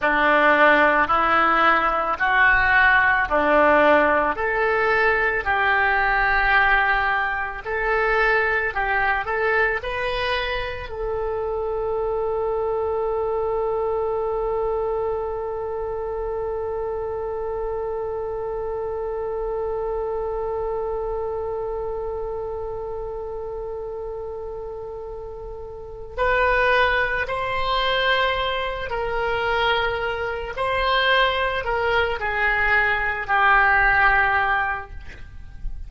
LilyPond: \new Staff \with { instrumentName = "oboe" } { \time 4/4 \tempo 4 = 55 d'4 e'4 fis'4 d'4 | a'4 g'2 a'4 | g'8 a'8 b'4 a'2~ | a'1~ |
a'1~ | a'1 | b'4 c''4. ais'4. | c''4 ais'8 gis'4 g'4. | }